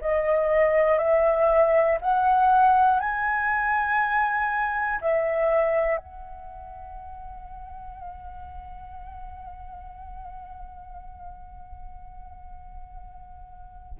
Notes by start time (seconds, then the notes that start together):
0.00 D#5
0.98 E5
2.01 F#5
3.00 G#5
5.00 E5
5.97 F#5